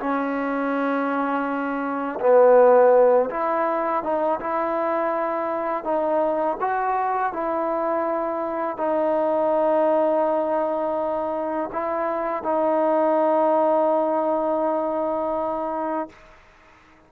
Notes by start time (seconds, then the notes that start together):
0.00 C#4
2.20 B3
3.30 E4
4.03 D#4
4.40 E4
5.84 D#4
6.61 F#4
7.33 E4
8.78 D#4
11.73 E4
12.44 D#4